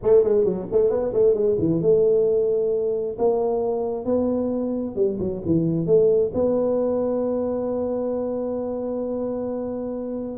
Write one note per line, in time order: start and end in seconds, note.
0.02 0.23 A3
0.23 0.44 G#3
0.44 0.66 F#3
0.71 0.90 A3
0.90 1.13 B3
1.13 1.33 A3
1.33 1.56 G#3
1.59 1.81 E3
1.81 3.17 A3
3.18 4.05 A#3
4.05 4.95 B3
4.95 5.18 G3
5.19 5.42 F#3
5.45 5.86 E3
5.86 6.31 A3
6.34 10.37 B3